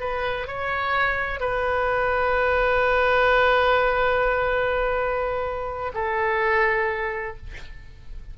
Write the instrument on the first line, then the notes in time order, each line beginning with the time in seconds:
oboe
0.00 B4
0.47 C#5
1.40 B4
5.94 A4